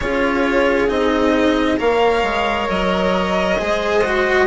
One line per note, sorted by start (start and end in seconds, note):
0.00 0.89 C#4
0.00 0.88 F4
0.00 1.79 G#4
0.00 0.89 C#5
0.88 1.79 C4
0.88 1.77 D#4
0.88 1.79 D#5
1.77 2.23 A#3
1.77 3.56 A#4
1.77 3.57 C#5
1.77 2.69 F5
2.23 2.67 G#3
2.69 3.58 F#3
2.69 4.46 D#5
3.57 4.46 G#3
3.57 4.03 G#4
3.57 4.46 C5
4.04 4.46 F#4